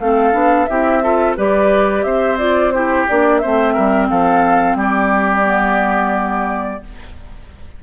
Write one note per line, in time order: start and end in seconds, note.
0.00 0.34 A3
0.00 0.33 C4
0.00 0.70 A4
0.00 0.66 F5
0.33 0.68 B3
0.33 0.67 D4
0.66 1.37 C4
0.66 1.03 E4
0.66 1.03 G4
0.66 1.34 E5
1.03 1.37 F4
1.03 1.37 A4
1.37 2.04 G3
1.37 2.39 G4
1.37 2.05 B4
1.37 2.04 D5
2.04 3.07 C4
2.04 2.74 C5
2.04 2.38 E5
2.38 2.73 F4
2.38 2.72 D5
2.72 3.08 E4
2.72 3.42 G4
2.72 3.06 C5
3.09 3.44 A#3
3.09 3.43 D4
3.09 3.39 D5
3.39 5.44 C4
3.39 3.74 C5
3.39 4.07 E5
3.45 3.77 A3
3.74 4.10 G3
3.74 4.08 A#4
4.10 4.75 F3
4.10 4.78 A4
4.10 4.78 F5
4.75 6.80 G3
4.75 6.82 G4
4.75 6.84 D5
5.44 6.81 B3